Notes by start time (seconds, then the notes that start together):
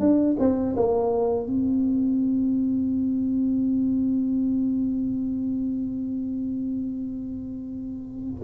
0.00 D4
0.39 C4
0.77 A#3
1.47 C4